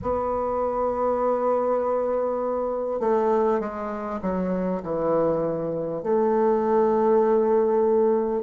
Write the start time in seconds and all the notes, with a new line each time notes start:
0.02 B3
3.00 A3
3.60 G#3
4.22 F#3
4.82 E3
6.02 A3